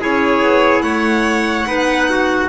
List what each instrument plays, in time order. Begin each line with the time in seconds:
0.00 double bass C#4, clarinet E4, trumpet G#4, violin C#5
0.41 double bass B3
0.82 double bass A3, trumpet C#5, violin F#5
1.66 double bass B3, clarinet D#4, trumpet B4
2.10 trumpet F#4